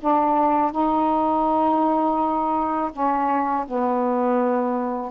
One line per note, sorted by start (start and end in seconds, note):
0.00 0.72 D4
0.72 2.91 D#4
2.92 3.66 C#4
3.67 5.11 B3